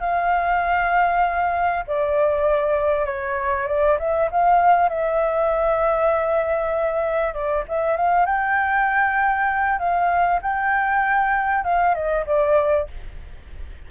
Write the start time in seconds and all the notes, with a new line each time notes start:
0.00 F5
1.87 D5
3.05 C#5
3.67 D5
3.99 E5
4.31 F5
4.89 E5
7.34 D5
7.68 E5
7.96 F5
8.25 G5
9.78 F5
10.41 G5
11.64 F5
11.94 D#5
12.26 D5